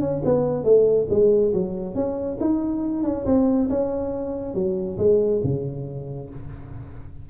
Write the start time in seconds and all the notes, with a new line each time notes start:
0.00 C#4
0.25 B3
0.64 A3
1.09 G#3
1.53 F#3
1.95 C#4
2.40 D#4
3.04 C#4
3.25 C4
3.69 C#4
4.54 F#3
4.98 G#3
5.43 C#3